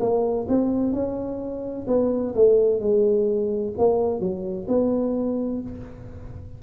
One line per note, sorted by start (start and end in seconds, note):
0.00 0.47 A#3
0.49 0.93 C4
0.93 1.87 C#4
1.87 2.34 B3
2.35 2.80 A3
2.80 3.74 G#3
3.78 4.20 A#3
4.20 4.67 F#3
4.68 5.62 B3